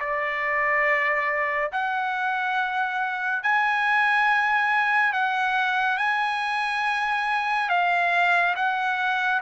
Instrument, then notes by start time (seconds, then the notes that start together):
trumpet
0.00 D5
1.72 F#5
3.43 G#5
5.13 F#5
5.98 G#5
7.69 F5
8.56 F#5